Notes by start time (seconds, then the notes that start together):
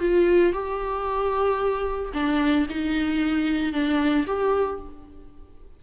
0.00 F4
0.53 G4
2.14 D4
2.70 D#4
3.73 D4
4.27 G4